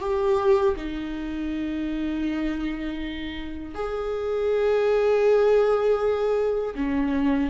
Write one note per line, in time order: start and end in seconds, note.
0.00 0.75 G4
0.77 3.75 D#4
3.75 6.75 G#4
6.75 7.50 C#4